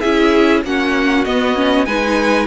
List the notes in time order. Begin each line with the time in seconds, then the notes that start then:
0.00 C#4 E4 G#4 E5
0.64 A#3 C#4 F#4 F#5
1.24 B3 D#5
1.55 C#4
1.85 G#3 D#4 B4 G#5